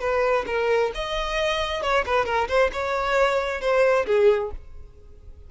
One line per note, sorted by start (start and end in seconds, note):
0.00 0.45 B4
0.46 0.91 A#4
0.94 1.82 D#5
1.82 2.05 C#5
2.06 2.25 B4
2.25 2.47 A#4
2.48 2.70 C5
2.72 3.61 C#5
3.61 4.05 C5
4.06 4.51 G#4